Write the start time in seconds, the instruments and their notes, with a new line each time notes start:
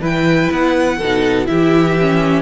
0.00 cello E3, viola E4, violin B4 G5
0.51 cello B3, violin F#5
0.98 cello B2, viola D#4, violin A4
1.46 cello E3, viola E4, violin G4 E5
2.01 viola C#4